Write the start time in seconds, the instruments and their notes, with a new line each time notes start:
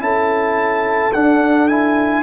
0.00 tuba C#4, trombone E4, horn A4, trumpet A5
1.13 tuba D4, trombone D4, trumpet F#5
1.68 trombone E4, trumpet G#5